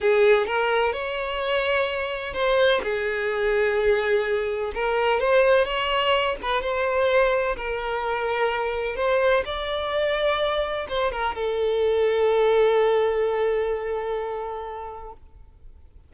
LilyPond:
\new Staff \with { instrumentName = "violin" } { \time 4/4 \tempo 4 = 127 gis'4 ais'4 cis''2~ | cis''4 c''4 gis'2~ | gis'2 ais'4 c''4 | cis''4. b'8 c''2 |
ais'2. c''4 | d''2. c''8 ais'8 | a'1~ | a'1 | }